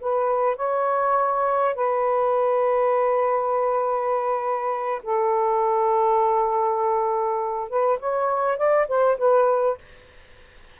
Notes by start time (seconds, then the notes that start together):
0.00 B4
0.56 C#5
1.74 B4
5.03 A4
7.69 B4
7.99 C#5
8.57 D5
8.88 C5
9.18 B4